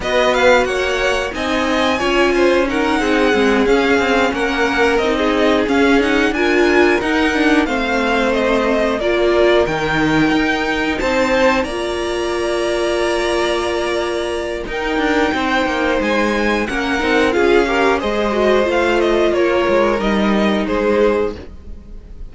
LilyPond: <<
  \new Staff \with { instrumentName = "violin" } { \time 4/4 \tempo 4 = 90 dis''8 f''8 fis''4 gis''2 | fis''4. f''4 fis''4 dis''8~ | dis''8 f''8 fis''8 gis''4 fis''4 f''8~ | f''8 dis''4 d''4 g''4.~ |
g''8 a''4 ais''2~ ais''8~ | ais''2 g''2 | gis''4 fis''4 f''4 dis''4 | f''8 dis''8 cis''4 dis''4 c''4 | }
  \new Staff \with { instrumentName = "violin" } { \time 4/4 b'4 cis''4 dis''4 cis''8 c''8 | ais'8 gis'2 ais'4~ ais'16 gis'16~ | gis'4. ais'2 c''8~ | c''4. ais'2~ ais'8~ |
ais'8 c''4 d''2~ d''8~ | d''2 ais'4 c''4~ | c''4 ais'4 gis'8 ais'8 c''4~ | c''4 ais'2 gis'4 | }
  \new Staff \with { instrumentName = "viola" } { \time 4/4 fis'2 dis'4 f'4 | dis'4 c'8 cis'2 dis'8~ | dis'8 cis'8 dis'8 f'4 dis'8 d'8 c'8~ | c'4. f'4 dis'4.~ |
dis'4. f'2~ f'8~ | f'2 dis'2~ | dis'4 cis'8 dis'8 f'8 g'8 gis'8 fis'8 | f'2 dis'2 | }
  \new Staff \with { instrumentName = "cello" } { \time 4/4 b4 ais4 c'4 cis'4~ | cis'8 c'8 gis8 cis'8 c'8 ais4 c'8~ | c'8 cis'4 d'4 dis'4 a8~ | a4. ais4 dis4 dis'8~ |
dis'8 c'4 ais2~ ais8~ | ais2 dis'8 d'8 c'8 ais8 | gis4 ais8 c'8 cis'4 gis4 | a4 ais8 gis8 g4 gis4 | }
>>